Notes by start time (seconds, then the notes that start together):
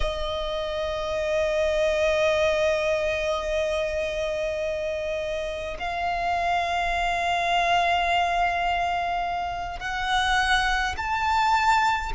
0.00 D#5
5.78 F5
9.79 F#5
10.97 A5